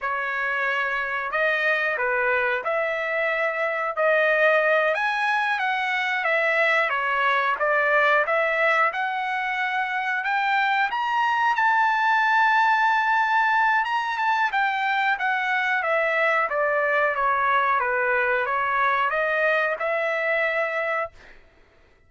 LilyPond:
\new Staff \with { instrumentName = "trumpet" } { \time 4/4 \tempo 4 = 91 cis''2 dis''4 b'4 | e''2 dis''4. gis''8~ | gis''8 fis''4 e''4 cis''4 d''8~ | d''8 e''4 fis''2 g''8~ |
g''8 ais''4 a''2~ a''8~ | a''4 ais''8 a''8 g''4 fis''4 | e''4 d''4 cis''4 b'4 | cis''4 dis''4 e''2 | }